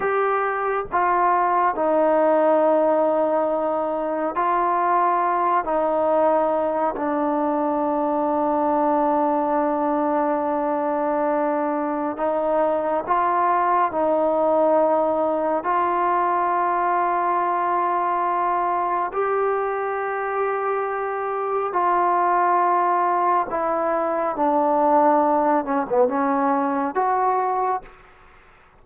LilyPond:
\new Staff \with { instrumentName = "trombone" } { \time 4/4 \tempo 4 = 69 g'4 f'4 dis'2~ | dis'4 f'4. dis'4. | d'1~ | d'2 dis'4 f'4 |
dis'2 f'2~ | f'2 g'2~ | g'4 f'2 e'4 | d'4. cis'16 b16 cis'4 fis'4 | }